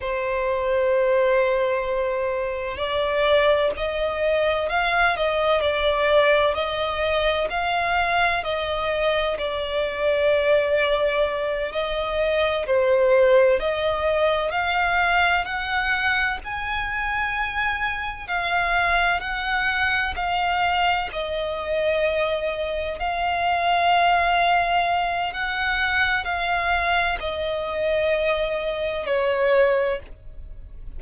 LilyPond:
\new Staff \with { instrumentName = "violin" } { \time 4/4 \tempo 4 = 64 c''2. d''4 | dis''4 f''8 dis''8 d''4 dis''4 | f''4 dis''4 d''2~ | d''8 dis''4 c''4 dis''4 f''8~ |
f''8 fis''4 gis''2 f''8~ | f''8 fis''4 f''4 dis''4.~ | dis''8 f''2~ f''8 fis''4 | f''4 dis''2 cis''4 | }